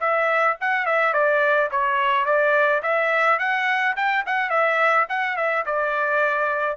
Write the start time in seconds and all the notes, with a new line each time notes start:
0.00 E5
0.60 F#5
0.86 E5
1.13 D5
1.71 C#5
2.25 D5
2.82 E5
3.39 F#5
3.96 G5
4.26 F#5
4.50 E5
5.09 F#5
5.36 E5
5.66 D5